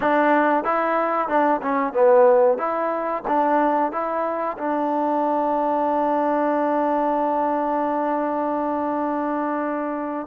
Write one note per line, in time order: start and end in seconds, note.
0.00 0.63 D4
0.63 1.28 E4
1.28 1.60 D4
1.61 1.93 C#4
1.93 2.58 B3
2.58 3.23 E4
3.27 3.92 D4
3.92 4.57 E4
4.58 10.27 D4